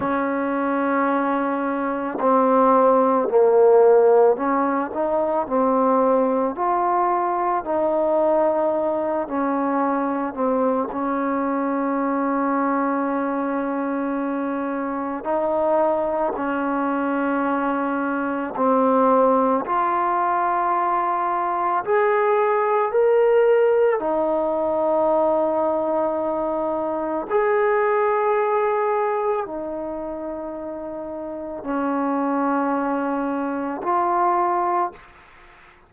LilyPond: \new Staff \with { instrumentName = "trombone" } { \time 4/4 \tempo 4 = 55 cis'2 c'4 ais4 | cis'8 dis'8 c'4 f'4 dis'4~ | dis'8 cis'4 c'8 cis'2~ | cis'2 dis'4 cis'4~ |
cis'4 c'4 f'2 | gis'4 ais'4 dis'2~ | dis'4 gis'2 dis'4~ | dis'4 cis'2 f'4 | }